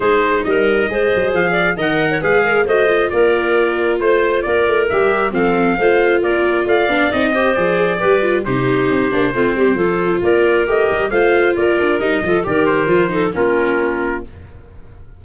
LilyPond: <<
  \new Staff \with { instrumentName = "trumpet" } { \time 4/4 \tempo 4 = 135 c''4 dis''2 f''4 | fis''4 f''4 dis''4 d''4~ | d''4 c''4 d''4 e''4 | f''2 d''4 f''4 |
dis''4 d''2 c''4~ | c''2. d''4 | dis''4 f''4 d''4 dis''4 | d''8 c''4. ais'2 | }
  \new Staff \with { instrumentName = "clarinet" } { \time 4/4 gis'4 ais'4 c''4. d''8 | dis''8. cis''16 b'8 ais'8 c''4 ais'4~ | ais'4 c''4 ais'2 | a'4 c''4 ais'4 d''4~ |
d''8 c''4. b'4 g'4~ | g'4 f'8 g'8 a'4 ais'4~ | ais'4 c''4 ais'4. a'8 | ais'4. a'8 f'2 | }
  \new Staff \with { instrumentName = "viola" } { \time 4/4 dis'2 gis'2 | ais'4 gis'4 fis'8 f'4.~ | f'2. g'4 | c'4 f'2~ f'8 d'8 |
dis'8 g'8 gis'4 g'8 f'8 dis'4~ | dis'8 d'8 c'4 f'2 | g'4 f'2 dis'8 f'8 | g'4 f'8 dis'8 cis'2 | }
  \new Staff \with { instrumentName = "tuba" } { \time 4/4 gis4 g4 gis8 fis8 f4 | dis4 gis4 a4 ais4~ | ais4 a4 ais8 a8 g4 | f4 a4 ais4 a8 b8 |
c'4 f4 g4 c4 | c'8 ais8 a8 g8 f4 ais4 | a8 g8 a4 ais8 d'8 g8 f8 | dis4 f4 ais2 | }
>>